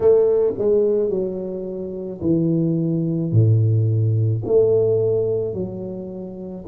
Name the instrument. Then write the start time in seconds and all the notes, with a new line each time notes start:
tuba
0.00 A3
0.58 G#3
1.09 F#3
2.21 E3
3.31 A2
4.44 A3
5.53 F#3